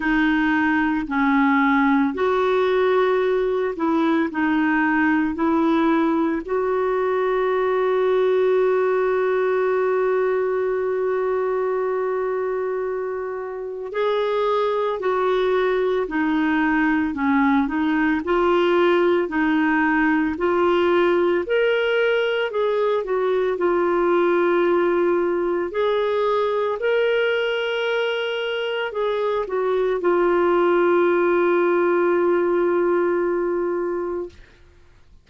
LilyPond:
\new Staff \with { instrumentName = "clarinet" } { \time 4/4 \tempo 4 = 56 dis'4 cis'4 fis'4. e'8 | dis'4 e'4 fis'2~ | fis'1~ | fis'4 gis'4 fis'4 dis'4 |
cis'8 dis'8 f'4 dis'4 f'4 | ais'4 gis'8 fis'8 f'2 | gis'4 ais'2 gis'8 fis'8 | f'1 | }